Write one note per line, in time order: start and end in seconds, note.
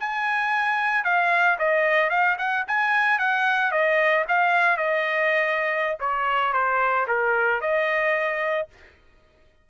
0.00 1.04 G#5
1.04 1.58 F5
1.59 2.10 D#5
2.10 2.37 F5
2.38 2.65 F#5
2.68 3.19 G#5
3.19 3.71 F#5
3.71 4.25 D#5
4.28 4.77 F5
4.77 5.98 D#5
6.00 6.53 C#5
6.53 7.07 C5
7.07 7.61 A#4
7.61 8.68 D#5